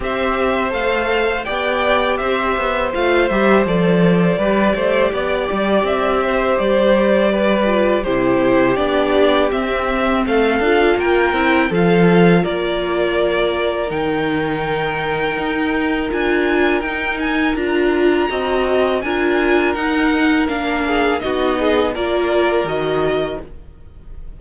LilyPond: <<
  \new Staff \with { instrumentName = "violin" } { \time 4/4 \tempo 4 = 82 e''4 f''4 g''4 e''4 | f''8 e''8 d''2. | e''4 d''2 c''4 | d''4 e''4 f''4 g''4 |
f''4 d''2 g''4~ | g''2 gis''4 g''8 gis''8 | ais''2 gis''4 fis''4 | f''4 dis''4 d''4 dis''4 | }
  \new Staff \with { instrumentName = "violin" } { \time 4/4 c''2 d''4 c''4~ | c''2 b'8 c''8 d''4~ | d''8 c''4. b'4 g'4~ | g'2 a'4 ais'4 |
a'4 ais'2.~ | ais'1~ | ais'4 dis''4 ais'2~ | ais'8 gis'8 fis'8 gis'8 ais'2 | }
  \new Staff \with { instrumentName = "viola" } { \time 4/4 g'4 a'4 g'2 | f'8 g'8 a'4 g'2~ | g'2~ g'8 f'8 e'4 | d'4 c'4. f'4 e'8 |
f'2. dis'4~ | dis'2 f'4 dis'4 | f'4 fis'4 f'4 dis'4 | d'4 dis'4 f'4 fis'4 | }
  \new Staff \with { instrumentName = "cello" } { \time 4/4 c'4 a4 b4 c'8 b8 | a8 g8 f4 g8 a8 b8 g8 | c'4 g2 c4 | b4 c'4 a8 d'8 ais8 c'8 |
f4 ais2 dis4~ | dis4 dis'4 d'4 dis'4 | d'4 c'4 d'4 dis'4 | ais4 b4 ais4 dis4 | }
>>